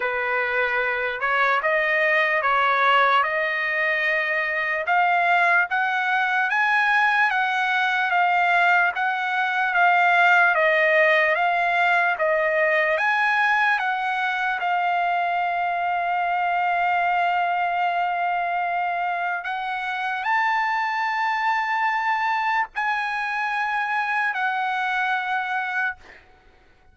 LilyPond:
\new Staff \with { instrumentName = "trumpet" } { \time 4/4 \tempo 4 = 74 b'4. cis''8 dis''4 cis''4 | dis''2 f''4 fis''4 | gis''4 fis''4 f''4 fis''4 | f''4 dis''4 f''4 dis''4 |
gis''4 fis''4 f''2~ | f''1 | fis''4 a''2. | gis''2 fis''2 | }